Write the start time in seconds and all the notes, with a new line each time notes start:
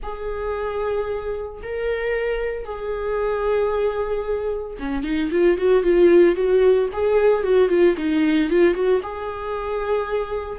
0.02 G#4
1.62 A#4
2.64 G#4
4.79 C#4
5.03 D#4
5.31 F4
5.57 F#4
5.83 F4
6.35 F#4
6.92 G#4
7.43 F#4
7.68 F4
7.97 D#4
8.50 F4
8.74 F#4
9.02 G#4